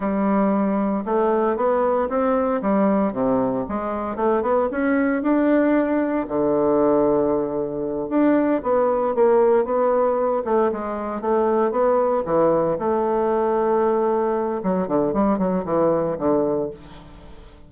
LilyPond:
\new Staff \with { instrumentName = "bassoon" } { \time 4/4 \tempo 4 = 115 g2 a4 b4 | c'4 g4 c4 gis4 | a8 b8 cis'4 d'2 | d2.~ d8 d'8~ |
d'8 b4 ais4 b4. | a8 gis4 a4 b4 e8~ | e8 a2.~ a8 | fis8 d8 g8 fis8 e4 d4 | }